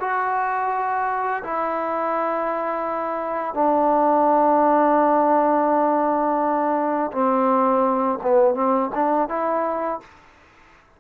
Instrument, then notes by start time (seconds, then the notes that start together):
trombone
0.00 F#4
1.43 E4
3.54 D4
7.12 C4
8.22 B3
8.55 C4
8.95 D4
9.29 E4